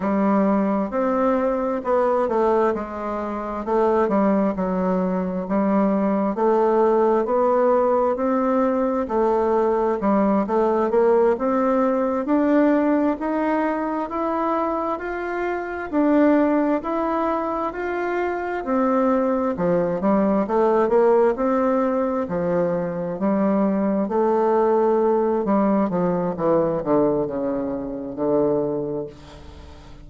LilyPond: \new Staff \with { instrumentName = "bassoon" } { \time 4/4 \tempo 4 = 66 g4 c'4 b8 a8 gis4 | a8 g8 fis4 g4 a4 | b4 c'4 a4 g8 a8 | ais8 c'4 d'4 dis'4 e'8~ |
e'8 f'4 d'4 e'4 f'8~ | f'8 c'4 f8 g8 a8 ais8 c'8~ | c'8 f4 g4 a4. | g8 f8 e8 d8 cis4 d4 | }